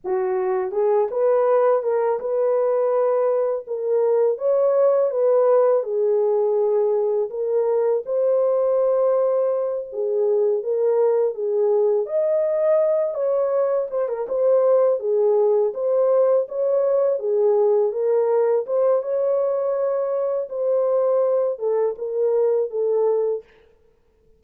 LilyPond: \new Staff \with { instrumentName = "horn" } { \time 4/4 \tempo 4 = 82 fis'4 gis'8 b'4 ais'8 b'4~ | b'4 ais'4 cis''4 b'4 | gis'2 ais'4 c''4~ | c''4. gis'4 ais'4 gis'8~ |
gis'8 dis''4. cis''4 c''16 ais'16 c''8~ | c''8 gis'4 c''4 cis''4 gis'8~ | gis'8 ais'4 c''8 cis''2 | c''4. a'8 ais'4 a'4 | }